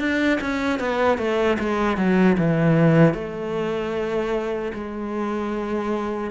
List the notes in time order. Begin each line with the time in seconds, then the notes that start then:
0.00 D4
0.41 C#4
0.80 B3
1.18 A3
1.60 G#3
1.98 F#3
2.38 E3
3.14 A3
4.74 G#3